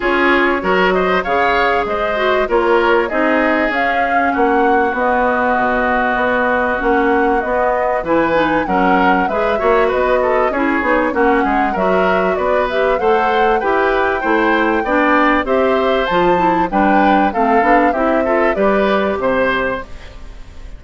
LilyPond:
<<
  \new Staff \with { instrumentName = "flute" } { \time 4/4 \tempo 4 = 97 cis''4. dis''8 f''4 dis''4 | cis''4 dis''4 f''4 fis''4 | dis''2. fis''4 | dis''4 gis''4 fis''4 e''4 |
dis''4 cis''4 fis''4 e''4 | d''8 e''8 fis''4 g''2~ | g''4 e''4 a''4 g''4 | f''4 e''4 d''4 c''4 | }
  \new Staff \with { instrumentName = "oboe" } { \time 4/4 gis'4 ais'8 c''8 cis''4 c''4 | ais'4 gis'2 fis'4~ | fis'1~ | fis'4 b'4 ais'4 b'8 cis''8 |
b'8 a'8 gis'4 fis'8 gis'8 ais'4 | b'4 c''4 b'4 c''4 | d''4 c''2 b'4 | a'4 g'8 a'8 b'4 c''4 | }
  \new Staff \with { instrumentName = "clarinet" } { \time 4/4 f'4 fis'4 gis'4. fis'8 | f'4 dis'4 cis'2 | b2. cis'4 | b4 e'8 dis'8 cis'4 gis'8 fis'8~ |
fis'4 e'8 dis'8 cis'4 fis'4~ | fis'8 g'8 a'4 g'4 e'4 | d'4 g'4 f'8 e'8 d'4 | c'8 d'8 e'8 f'8 g'2 | }
  \new Staff \with { instrumentName = "bassoon" } { \time 4/4 cis'4 fis4 cis4 gis4 | ais4 c'4 cis'4 ais4 | b4 b,4 b4 ais4 | b4 e4 fis4 gis8 ais8 |
b4 cis'8 b8 ais8 gis8 fis4 | b4 a4 e'4 a4 | b4 c'4 f4 g4 | a8 b8 c'4 g4 c4 | }
>>